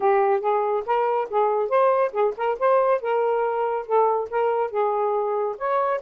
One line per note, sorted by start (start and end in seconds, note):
0.00 0.40 G4
0.40 0.83 G#4
0.86 1.28 A#4
1.30 1.69 G#4
1.69 2.12 C5
2.12 2.34 G#4
2.36 2.58 A#4
2.59 3.01 C5
3.01 3.86 A#4
3.86 4.29 A4
4.30 4.70 A#4
4.70 5.56 G#4
5.57 6.00 C#5